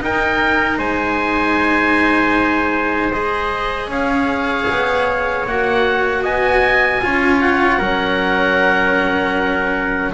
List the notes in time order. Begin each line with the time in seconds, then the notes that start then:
0.00 D#4 A#4 G5
0.79 G#3 C5 G#5
3.13 G#4 D#5
3.87 C#4 C#5 F5
4.70 B3
5.47 A#3 F#4 F#5
6.23 B3 D#5 G#5
7.02 C#4 F4 C#5
7.42 F#5
7.79 F#3 C#4 A#4